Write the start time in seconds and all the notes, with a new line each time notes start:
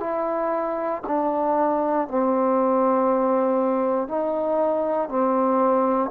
0.00 E4
1.07 D4
2.08 C4
4.08 D#4
5.09 C4